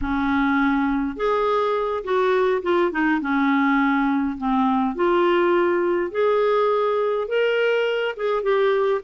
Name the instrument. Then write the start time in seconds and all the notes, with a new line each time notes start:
clarinet
0.01 C#4
1.16 G#4
2.04 F#4
2.62 F4
2.91 D#4
3.20 C#4
4.37 C4
4.95 F4
6.11 G#4
7.28 A#4
8.16 G#4
8.42 G4